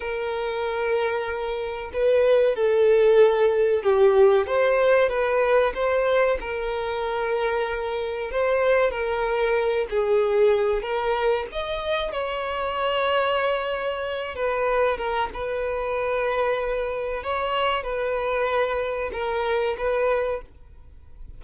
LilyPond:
\new Staff \with { instrumentName = "violin" } { \time 4/4 \tempo 4 = 94 ais'2. b'4 | a'2 g'4 c''4 | b'4 c''4 ais'2~ | ais'4 c''4 ais'4. gis'8~ |
gis'4 ais'4 dis''4 cis''4~ | cis''2~ cis''8 b'4 ais'8 | b'2. cis''4 | b'2 ais'4 b'4 | }